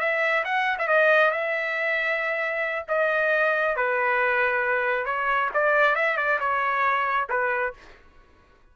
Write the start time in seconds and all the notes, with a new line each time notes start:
0.00 E5
0.45 F#5
0.79 E5
0.88 D#5
1.32 E5
2.89 D#5
3.77 B4
5.06 C#5
5.54 D5
5.96 E5
6.17 D5
6.40 C#5
7.30 B4